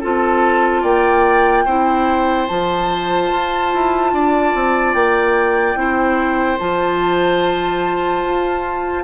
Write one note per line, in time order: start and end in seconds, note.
0.00 0.83 C4
0.00 1.66 F4
0.00 0.82 A4
0.00 0.83 A5
0.82 1.65 A#3
0.82 1.64 D5
0.82 2.47 G5
1.65 2.47 C4
1.65 2.48 E4
1.65 4.11 C5
2.47 3.32 F3
2.47 5.76 F4
2.47 4.94 A5
3.32 3.73 F4
3.74 4.13 E4
4.13 4.54 D4
4.13 5.79 D5
4.54 4.94 C4
4.94 5.75 A#3
4.94 6.59 G5
5.75 6.58 C4
5.75 6.58 E4
5.75 9.04 C5
6.59 8.24 F3
6.59 9.04 F4
6.59 9.04 A5
8.24 9.04 F4